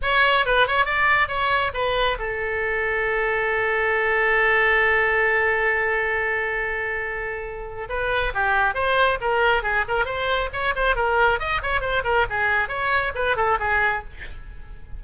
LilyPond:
\new Staff \with { instrumentName = "oboe" } { \time 4/4 \tempo 4 = 137 cis''4 b'8 cis''8 d''4 cis''4 | b'4 a'2.~ | a'1~ | a'1~ |
a'2 b'4 g'4 | c''4 ais'4 gis'8 ais'8 c''4 | cis''8 c''8 ais'4 dis''8 cis''8 c''8 ais'8 | gis'4 cis''4 b'8 a'8 gis'4 | }